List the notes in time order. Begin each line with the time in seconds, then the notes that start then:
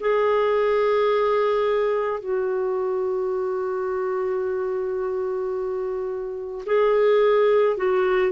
0.00 G#4
2.20 F#4
6.66 G#4
7.77 F#4